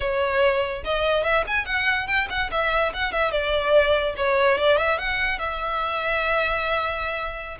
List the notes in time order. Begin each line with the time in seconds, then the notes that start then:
0.00 C#5
0.84 D#5
1.23 E5
1.47 G#5
1.65 F#5
2.07 G5
2.29 F#5
2.51 E5
2.93 F#5
3.12 E5
3.31 D5
4.16 C#5
4.57 D5
4.77 E5
4.98 F#5
5.38 E5